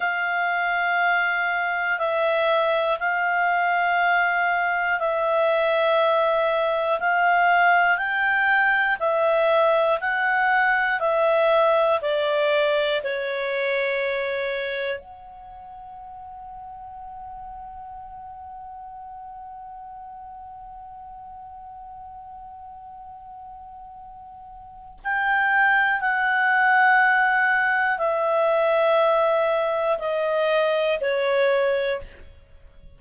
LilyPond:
\new Staff \with { instrumentName = "clarinet" } { \time 4/4 \tempo 4 = 60 f''2 e''4 f''4~ | f''4 e''2 f''4 | g''4 e''4 fis''4 e''4 | d''4 cis''2 fis''4~ |
fis''1~ | fis''1~ | fis''4 g''4 fis''2 | e''2 dis''4 cis''4 | }